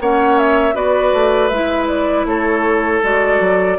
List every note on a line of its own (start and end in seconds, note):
0.00 0.73 A#3
0.00 0.74 C#4
0.00 0.74 C#5
0.00 0.38 F#5
0.38 0.75 E5
0.73 1.11 B3
0.73 1.50 F#4
0.73 2.26 B4
0.73 1.47 D5
1.12 1.50 A3
1.47 2.25 G#3
1.47 3.03 E4
1.47 1.85 E5
1.87 2.25 D5
2.25 3.00 A3
2.25 3.78 A4
2.25 3.02 C#5
3.03 3.40 G#3
3.03 3.78 F#4
3.03 3.78 D5
3.40 3.78 F#3